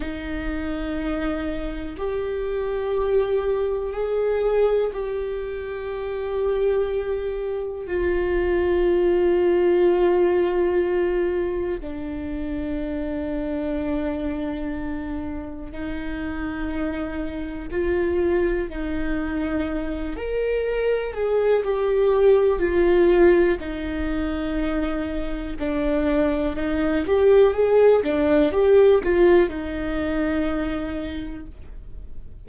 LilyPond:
\new Staff \with { instrumentName = "viola" } { \time 4/4 \tempo 4 = 61 dis'2 g'2 | gis'4 g'2. | f'1 | d'1 |
dis'2 f'4 dis'4~ | dis'8 ais'4 gis'8 g'4 f'4 | dis'2 d'4 dis'8 g'8 | gis'8 d'8 g'8 f'8 dis'2 | }